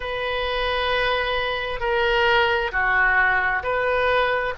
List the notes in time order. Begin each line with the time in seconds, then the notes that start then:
0.00 B4
1.80 A#4
2.71 F#4
3.63 B4